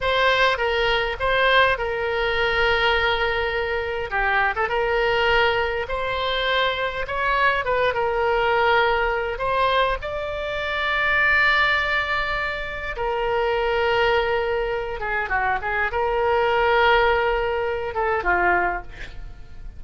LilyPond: \new Staff \with { instrumentName = "oboe" } { \time 4/4 \tempo 4 = 102 c''4 ais'4 c''4 ais'4~ | ais'2. g'8. a'16 | ais'2 c''2 | cis''4 b'8 ais'2~ ais'8 |
c''4 d''2.~ | d''2 ais'2~ | ais'4. gis'8 fis'8 gis'8 ais'4~ | ais'2~ ais'8 a'8 f'4 | }